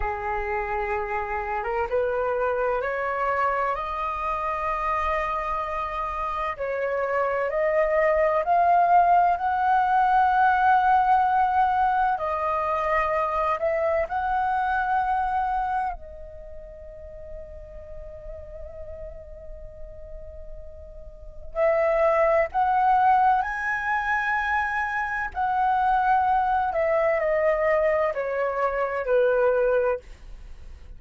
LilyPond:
\new Staff \with { instrumentName = "flute" } { \time 4/4 \tempo 4 = 64 gis'4.~ gis'16 ais'16 b'4 cis''4 | dis''2. cis''4 | dis''4 f''4 fis''2~ | fis''4 dis''4. e''8 fis''4~ |
fis''4 dis''2.~ | dis''2. e''4 | fis''4 gis''2 fis''4~ | fis''8 e''8 dis''4 cis''4 b'4 | }